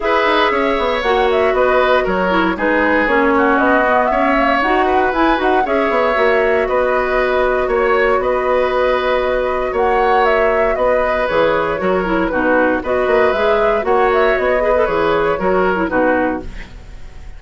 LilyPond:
<<
  \new Staff \with { instrumentName = "flute" } { \time 4/4 \tempo 4 = 117 e''2 fis''8 e''8 dis''4 | cis''4 b'4 cis''4 dis''4 | e''4 fis''4 gis''8 fis''8 e''4~ | e''4 dis''2 cis''4 |
dis''2. fis''4 | e''4 dis''4 cis''2 | b'4 dis''4 e''4 fis''8 e''8 | dis''4 cis''2 b'4 | }
  \new Staff \with { instrumentName = "oboe" } { \time 4/4 b'4 cis''2 b'4 | ais'4 gis'4. fis'4. | cis''4. b'4. cis''4~ | cis''4 b'2 cis''4 |
b'2. cis''4~ | cis''4 b'2 ais'4 | fis'4 b'2 cis''4~ | cis''8 b'4. ais'4 fis'4 | }
  \new Staff \with { instrumentName = "clarinet" } { \time 4/4 gis'2 fis'2~ | fis'8 e'8 dis'4 cis'4. b8~ | b8 ais8 fis'4 e'8 fis'8 gis'4 | fis'1~ |
fis'1~ | fis'2 gis'4 fis'8 e'8 | dis'4 fis'4 gis'4 fis'4~ | fis'8 gis'16 a'16 gis'4 fis'8. e'16 dis'4 | }
  \new Staff \with { instrumentName = "bassoon" } { \time 4/4 e'8 dis'8 cis'8 b8 ais4 b4 | fis4 gis4 ais4 b4 | cis'4 dis'4 e'8 dis'8 cis'8 b8 | ais4 b2 ais4 |
b2. ais4~ | ais4 b4 e4 fis4 | b,4 b8 ais8 gis4 ais4 | b4 e4 fis4 b,4 | }
>>